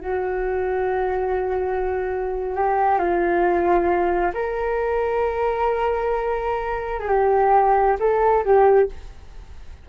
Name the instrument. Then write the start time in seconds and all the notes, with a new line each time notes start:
flute
0.00 F#4
2.56 G4
2.99 F4
4.34 A#4
7.00 G#4
7.08 G4
8.00 A4
8.45 G4